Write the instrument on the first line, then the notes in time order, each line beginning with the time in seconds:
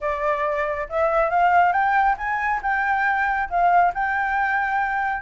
flute
0.00 D5
0.89 E5
1.30 F5
1.72 G5
2.17 G#5
2.62 G5
3.49 F5
3.94 G5